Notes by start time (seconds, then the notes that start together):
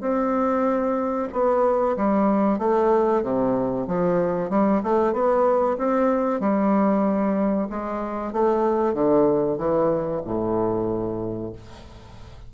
0.00 C4
1.32 B3
1.96 G3
2.58 A3
3.22 C3
3.87 F3
4.49 G3
4.83 A3
5.13 B3
5.77 C4
6.40 G3
7.69 G#3
8.32 A3
8.93 D3
9.57 E3
10.25 A2